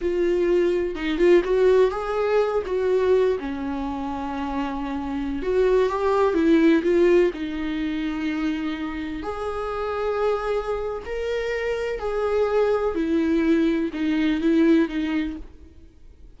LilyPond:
\new Staff \with { instrumentName = "viola" } { \time 4/4 \tempo 4 = 125 f'2 dis'8 f'8 fis'4 | gis'4. fis'4. cis'4~ | cis'2.~ cis'16 fis'8.~ | fis'16 g'4 e'4 f'4 dis'8.~ |
dis'2.~ dis'16 gis'8.~ | gis'2. ais'4~ | ais'4 gis'2 e'4~ | e'4 dis'4 e'4 dis'4 | }